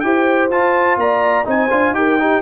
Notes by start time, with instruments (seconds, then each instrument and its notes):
0.00 tuba E4, trombone G4, horn C5, trumpet G5
0.50 tuba F4, trombone F4, trumpet A5
0.97 tuba A#3, horn D5, trumpet A#5
1.44 tuba C4, trombone D#4, horn C5, trumpet G#5
1.70 tuba D4, trombone F4
1.91 tuba D#4, trombone G4, trumpet G5
1.97 horn A#4
2.19 trombone D#4, horn G4